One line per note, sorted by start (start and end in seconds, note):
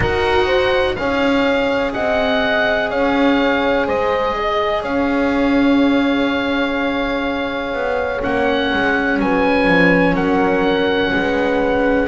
0.00 0.97 D#4
0.00 0.95 F#4
0.00 0.46 A#4
0.00 0.95 F#5
0.46 0.94 C5
0.95 1.95 C#4
0.95 8.22 G#4
0.95 1.93 C#5
0.95 1.92 F5
1.93 2.91 C4
1.93 2.90 D#5
1.93 2.90 F#5
2.90 3.87 C#4
2.90 3.86 C#5
2.90 3.87 F5
3.86 4.83 G#3
3.86 4.35 C5
3.86 4.83 D#5
4.36 4.82 D#5
4.82 7.73 C#4
4.82 9.18 C#5
4.82 8.22 F5
7.73 8.21 B3
8.22 8.72 A#3
8.22 12.07 C#4
8.22 9.19 F#5
8.73 9.19 G#3
9.19 9.67 F#3
9.19 10.14 B4
9.19 10.16 G#5
9.67 10.14 F3
10.14 11.11 F#3
10.14 11.11 A#4
10.14 12.07 F#5
11.12 12.07 G#3
11.12 12.07 B4